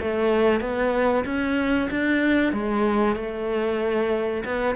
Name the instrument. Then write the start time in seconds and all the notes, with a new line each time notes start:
cello
0.00 A3
0.60 B3
1.25 C#4
1.90 D4
2.52 G#3
3.16 A3
4.44 B3